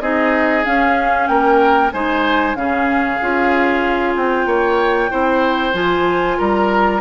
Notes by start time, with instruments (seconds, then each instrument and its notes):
0.00 bassoon C4, clarinet D#4, oboe G#4, flute D#5
0.64 clarinet C#4, bassoon C#4, flute F5
1.27 bassoon A#3, oboe A#4, flute G5
1.92 bassoon G#3, clarinet D#4, oboe C5, flute G#5
2.55 bassoon C#3, clarinet C#4, oboe G#4, flute F5
3.21 bassoon C#4, clarinet F4
4.16 bassoon C4, flute G5
4.45 bassoon A#3, oboe C#5
5.09 bassoon C4, clarinet E4, oboe C5
5.73 bassoon F3, clarinet F4, flute G#5
6.37 bassoon G3, oboe A#4, flute A#5